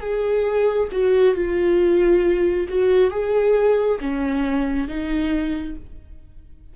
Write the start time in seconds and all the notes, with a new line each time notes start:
0.00 G#4
0.92 F#4
1.35 F4
2.68 F#4
3.10 G#4
3.99 C#4
4.87 D#4